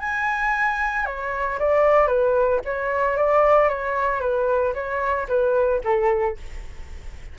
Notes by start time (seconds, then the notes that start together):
0.00 G#5
1.06 C#5
1.60 D5
2.08 B4
2.65 C#5
3.17 D5
3.69 C#5
4.21 B4
4.74 C#5
5.29 B4
5.85 A4